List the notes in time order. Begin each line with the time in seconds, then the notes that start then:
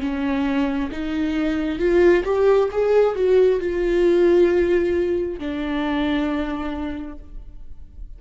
0.00 C#4
0.91 D#4
1.78 F4
2.24 G4
2.71 G#4
3.15 F#4
3.59 F4
5.39 D4